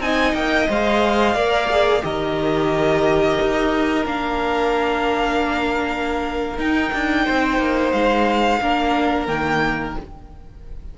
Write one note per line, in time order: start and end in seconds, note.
0.00 0.34 C4
0.00 0.68 D#4
0.00 1.36 D#5
0.00 0.35 G#5
0.34 0.68 A#3
0.34 0.69 G5
0.68 1.35 G#3
0.68 1.36 C5
0.68 2.04 F5
1.35 2.03 A#3
1.35 1.70 A#4
1.35 2.03 D5
1.71 2.02 G#4
2.02 3.39 D#3
2.02 4.04 G4
2.02 7.25 A#4
2.02 4.06 D#5
3.42 4.06 D#4
4.06 6.58 A#3
4.06 6.58 D4
4.06 6.60 F5
6.58 6.92 D#4
6.58 8.61 D#4
6.58 7.92 G5
6.93 7.27 D4
7.25 7.59 C4
7.25 8.60 C5
7.59 7.92 A#3
7.92 8.61 G#3
7.92 9.27 F5
8.61 9.28 A#3
8.61 9.28 D4
8.61 9.98 A#4
9.27 9.95 D#3
9.27 9.95 A#3
9.27 9.94 G5